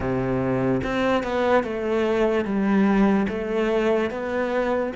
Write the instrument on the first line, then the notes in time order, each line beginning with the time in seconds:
cello
0.00 C3
0.83 C4
1.23 B3
1.63 A3
2.44 G3
3.28 A3
4.10 B3